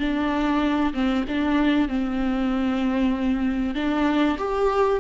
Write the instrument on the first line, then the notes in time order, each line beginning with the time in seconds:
viola
0.00 D4
0.94 C4
1.28 D4
1.89 C4
3.76 D4
4.39 G4